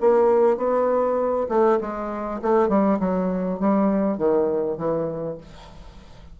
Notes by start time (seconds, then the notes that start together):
0.00 A#3
0.57 B3
1.48 A3
1.81 G#3
2.42 A3
2.68 G3
2.99 F#3
3.59 G3
4.18 D#3
4.77 E3